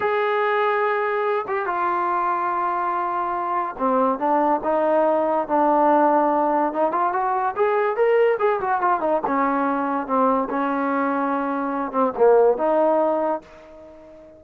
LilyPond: \new Staff \with { instrumentName = "trombone" } { \time 4/4 \tempo 4 = 143 gis'2.~ gis'8 g'8 | f'1~ | f'4 c'4 d'4 dis'4~ | dis'4 d'2. |
dis'8 f'8 fis'4 gis'4 ais'4 | gis'8 fis'8 f'8 dis'8 cis'2 | c'4 cis'2.~ | cis'8 c'8 ais4 dis'2 | }